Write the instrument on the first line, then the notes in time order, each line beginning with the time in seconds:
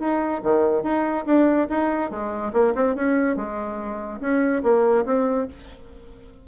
bassoon
0.00 D#4
0.43 D#3
0.83 D#4
1.26 D4
1.70 D#4
2.11 G#3
2.53 A#3
2.76 C4
2.96 C#4
3.37 G#3
4.21 C#4
4.64 A#3
5.06 C4